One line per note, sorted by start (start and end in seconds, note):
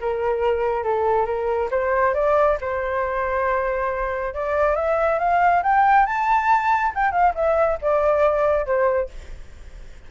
0.00 0.83 A#4
0.83 1.25 A4
1.25 1.69 A#4
1.71 2.14 C5
2.14 2.57 D5
2.60 4.34 C5
4.34 4.75 D5
4.75 5.18 E5
5.18 5.62 F5
5.62 6.06 G5
6.06 6.92 A5
6.94 7.11 G5
7.11 7.33 F5
7.34 7.78 E5
7.81 8.65 D5
8.65 9.09 C5